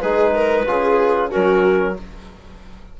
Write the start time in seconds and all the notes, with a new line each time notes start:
0.00 G#3 D#4 G#4 B4
0.34 A#4
0.66 C#3 F4 G#4
1.30 F#3 C#4 F#4 A#4